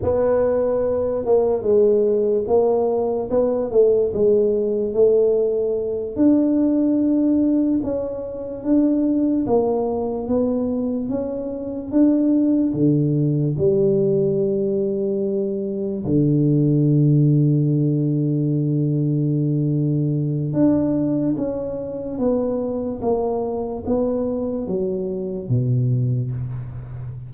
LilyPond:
\new Staff \with { instrumentName = "tuba" } { \time 4/4 \tempo 4 = 73 b4. ais8 gis4 ais4 | b8 a8 gis4 a4. d'8~ | d'4. cis'4 d'4 ais8~ | ais8 b4 cis'4 d'4 d8~ |
d8 g2. d8~ | d1~ | d4 d'4 cis'4 b4 | ais4 b4 fis4 b,4 | }